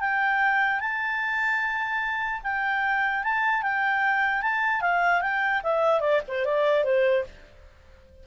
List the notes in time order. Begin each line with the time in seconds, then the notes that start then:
0.00 G5
0.80 A5
2.43 G5
3.24 A5
3.62 G5
4.42 A5
4.81 F5
5.21 G5
5.63 E5
6.01 D5
6.28 C5
6.45 D5
6.84 C5